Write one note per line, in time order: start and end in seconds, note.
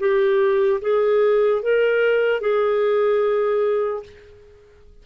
0.00 0.81 G4
0.82 1.63 G#4
1.63 2.41 A#4
2.41 4.03 G#4